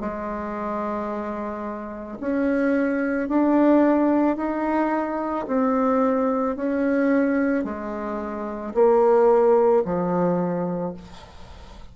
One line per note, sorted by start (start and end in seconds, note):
0.00 2.18 G#3
2.20 3.29 C#4
3.29 4.37 D4
4.37 5.46 D#4
5.47 6.56 C4
6.56 7.65 C#4
7.65 8.74 G#3
8.74 9.83 A#3
9.85 10.94 F3